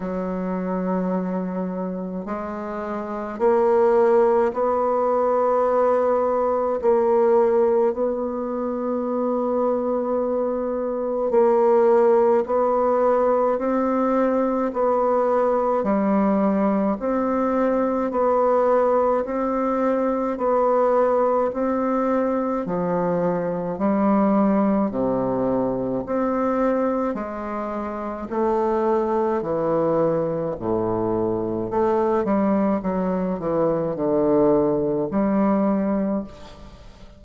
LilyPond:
\new Staff \with { instrumentName = "bassoon" } { \time 4/4 \tempo 4 = 53 fis2 gis4 ais4 | b2 ais4 b4~ | b2 ais4 b4 | c'4 b4 g4 c'4 |
b4 c'4 b4 c'4 | f4 g4 c4 c'4 | gis4 a4 e4 a,4 | a8 g8 fis8 e8 d4 g4 | }